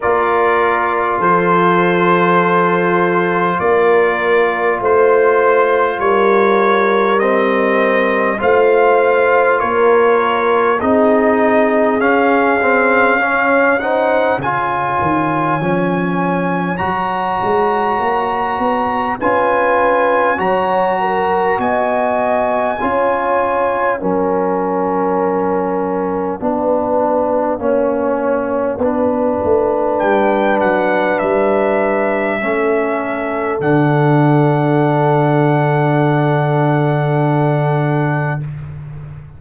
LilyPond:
<<
  \new Staff \with { instrumentName = "trumpet" } { \time 4/4 \tempo 4 = 50 d''4 c''2 d''4 | c''4 cis''4 dis''4 f''4 | cis''4 dis''4 f''4. fis''8 | gis''2 ais''2 |
gis''4 ais''4 gis''2 | fis''1~ | fis''4 g''8 fis''8 e''2 | fis''1 | }
  \new Staff \with { instrumentName = "horn" } { \time 4/4 ais'4 a'2 ais'4 | c''4 ais'2 c''4 | ais'4 gis'2 cis''8 c''8 | cis''1 |
b'4 cis''8 ais'8 dis''4 cis''4 | ais'2 b'4 cis''4 | b'2. a'4~ | a'1 | }
  \new Staff \with { instrumentName = "trombone" } { \time 4/4 f'1~ | f'2 c'4 f'4~ | f'4 dis'4 cis'8 c'8 cis'8 dis'8 | f'4 cis'4 fis'2 |
f'4 fis'2 f'4 | cis'2 d'4 cis'4 | d'2. cis'4 | d'1 | }
  \new Staff \with { instrumentName = "tuba" } { \time 4/4 ais4 f2 ais4 | a4 g2 a4 | ais4 c'4 cis'2 | cis8 dis8 f4 fis8 gis8 ais8 b8 |
cis'4 fis4 b4 cis'4 | fis2 b4 ais4 | b8 a8 g8 fis8 g4 a4 | d1 | }
>>